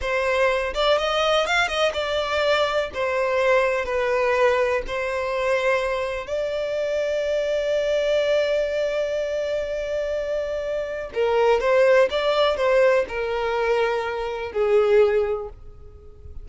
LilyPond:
\new Staff \with { instrumentName = "violin" } { \time 4/4 \tempo 4 = 124 c''4. d''8 dis''4 f''8 dis''8 | d''2 c''2 | b'2 c''2~ | c''4 d''2.~ |
d''1~ | d''2. ais'4 | c''4 d''4 c''4 ais'4~ | ais'2 gis'2 | }